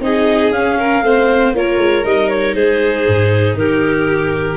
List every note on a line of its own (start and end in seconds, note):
0.00 0.51 C4
0.00 0.52 D#4
0.00 0.79 G#4
0.00 0.52 D#5
0.51 1.01 C#4
0.51 1.03 C#4
0.51 1.54 F5
0.79 1.04 A#4
1.02 1.53 A3
1.02 1.54 C4
1.02 1.56 C5
1.53 1.78 A#3
1.53 2.04 F4
1.53 2.55 A#4
1.53 2.05 C#5
1.78 2.03 G#3
2.04 2.56 G3
2.04 4.57 D#4
2.04 2.29 D#5
2.29 2.55 C#5
2.55 3.06 G#3
2.55 3.56 G#4
2.55 3.57 C5
3.08 3.55 G#2
3.55 4.57 D#3
3.55 4.57 G4
3.55 4.57 A#4